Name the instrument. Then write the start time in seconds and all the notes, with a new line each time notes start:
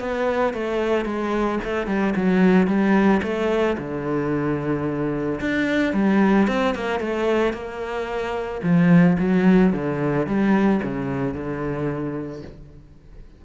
cello
0.00 B3
0.54 A3
1.05 G#3
1.64 A3
1.87 G3
2.16 F#3
2.67 G3
3.23 A3
3.78 D3
5.41 D4
5.94 G3
6.48 C4
6.75 A#3
7.00 A3
7.53 A#3
8.63 F3
9.19 F#3
9.73 D3
10.27 G3
10.83 C#3
11.34 D3